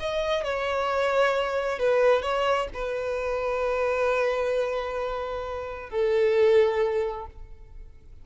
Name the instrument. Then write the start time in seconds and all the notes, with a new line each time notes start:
violin
0.00 D#5
0.44 C#5
1.79 B4
2.22 C#5
2.74 B4
5.90 A4